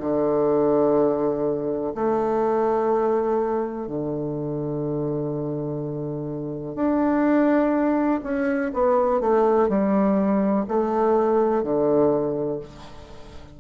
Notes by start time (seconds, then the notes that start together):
0.00 D3
1.95 A3
3.88 D3
6.75 D4
8.23 C#4
8.74 B3
9.21 A3
9.69 G3
10.68 A3
11.63 D3